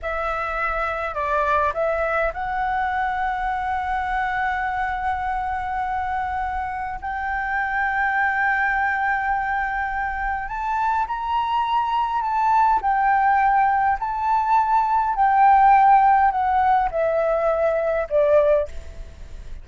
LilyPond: \new Staff \with { instrumentName = "flute" } { \time 4/4 \tempo 4 = 103 e''2 d''4 e''4 | fis''1~ | fis''1 | g''1~ |
g''2 a''4 ais''4~ | ais''4 a''4 g''2 | a''2 g''2 | fis''4 e''2 d''4 | }